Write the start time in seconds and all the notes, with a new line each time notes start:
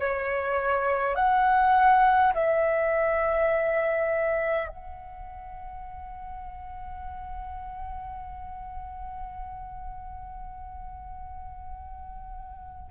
0.00 C#5
1.16 F#5
2.34 E5
4.68 F#5